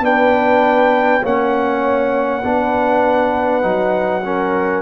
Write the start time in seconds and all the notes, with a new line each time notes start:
0.00 B3 D4 B4 G5
1.23 A#3 C#4 C#5 F#5
2.44 B3 D4 B4
3.62 F#3 D#4
4.25 C#4 A#4